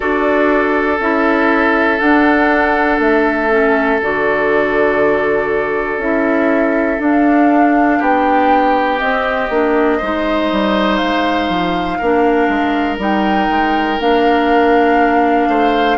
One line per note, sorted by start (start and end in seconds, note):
0.00 0.99 D4
0.00 0.97 F#4
0.00 7.98 A4
0.00 0.99 D5
0.99 1.99 C#4
0.99 2.00 E4
0.99 1.99 E5
1.99 3.50 D4
1.99 2.99 D4
1.99 2.99 F#5
2.99 3.99 A3
2.99 4.00 E5
3.50 4.00 C#4
4.01 5.97 D3
4.01 6.00 F#4
4.01 6.00 D5
5.97 6.97 C#4
5.97 6.99 E4
5.97 7.00 E5
6.99 8.99 D4
6.99 7.99 D4
6.99 8.01 F5
7.98 9.00 B3
7.98 9.97 G4
7.98 8.99 G5
8.99 9.49 C4
8.99 10.96 D#5
9.49 9.99 A#3
9.49 10.00 D4
9.97 10.51 G#3
9.97 12.02 D#4
9.97 11.97 C5
10.51 11.01 G3
10.96 11.49 G#3
10.96 12.96 F5
11.49 11.99 F3
11.98 12.48 A#3
11.98 12.98 D4
11.98 15.48 A#4
12.48 12.98 G#3
12.98 13.48 G3
12.98 13.98 D#4
12.98 14.00 G5
13.50 13.99 G#3
13.99 15.48 A#3
13.99 15.97 D4
13.99 15.97 F5
15.48 15.97 A3
15.48 15.97 C5